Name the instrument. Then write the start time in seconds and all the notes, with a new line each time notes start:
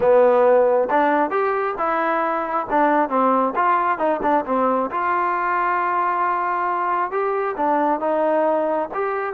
trombone
0.00 B3
0.90 D4
1.30 G4
1.78 E4
2.70 D4
3.09 C4
3.55 F4
3.98 D#4
4.22 D4
4.45 C4
4.90 F4
7.11 G4
7.56 D4
7.99 D#4
8.94 G4